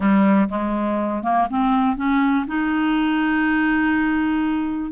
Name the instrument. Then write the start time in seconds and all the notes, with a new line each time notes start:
clarinet
0.00 G3
0.49 G#3
1.23 A#3
1.50 C4
1.96 C#4
2.47 D#4